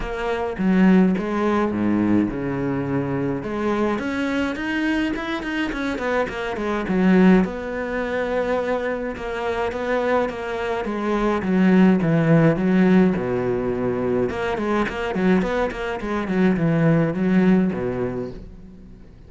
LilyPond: \new Staff \with { instrumentName = "cello" } { \time 4/4 \tempo 4 = 105 ais4 fis4 gis4 gis,4 | cis2 gis4 cis'4 | dis'4 e'8 dis'8 cis'8 b8 ais8 gis8 | fis4 b2. |
ais4 b4 ais4 gis4 | fis4 e4 fis4 b,4~ | b,4 ais8 gis8 ais8 fis8 b8 ais8 | gis8 fis8 e4 fis4 b,4 | }